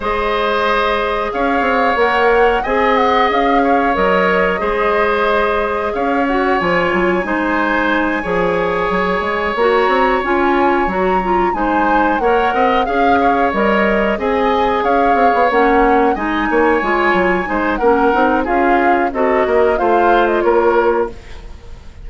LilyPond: <<
  \new Staff \with { instrumentName = "flute" } { \time 4/4 \tempo 4 = 91 dis''2 f''4 fis''4 | gis''8 fis''8 f''4 dis''2~ | dis''4 f''8 fis''8 gis''2~ | gis''2~ gis''8 ais''4 gis''8~ |
gis''8 ais''4 gis''4 fis''4 f''8~ | f''8 dis''4 gis''4 f''4 fis''8~ | fis''8 gis''2~ gis''8 fis''4 | f''4 dis''4 f''8. dis''16 cis''4 | }
  \new Staff \with { instrumentName = "oboe" } { \time 4/4 c''2 cis''2 | dis''4. cis''4. c''4~ | c''4 cis''2 c''4~ | c''8 cis''2.~ cis''8~ |
cis''4. c''4 cis''8 dis''8 f''8 | cis''4. dis''4 cis''4.~ | cis''8 dis''8 cis''4. c''8 ais'4 | gis'4 a'8 ais'8 c''4 ais'4 | }
  \new Staff \with { instrumentName = "clarinet" } { \time 4/4 gis'2. ais'4 | gis'2 ais'4 gis'4~ | gis'4. fis'8 f'4 dis'4~ | dis'8 gis'2 fis'4 f'8~ |
f'8 fis'8 f'8 dis'4 ais'4 gis'8~ | gis'8 ais'4 gis'2 cis'8~ | cis'8 dis'4 f'4 dis'8 cis'8 dis'8 | f'4 fis'4 f'2 | }
  \new Staff \with { instrumentName = "bassoon" } { \time 4/4 gis2 cis'8 c'8 ais4 | c'4 cis'4 fis4 gis4~ | gis4 cis'4 f8 fis8 gis4~ | gis8 f4 fis8 gis8 ais8 c'8 cis'8~ |
cis'8 fis4 gis4 ais8 c'8 cis'8~ | cis'8 g4 c'4 cis'8 c'16 b16 ais8~ | ais8 gis8 ais8 gis8 fis8 gis8 ais8 c'8 | cis'4 c'8 ais8 a4 ais4 | }
>>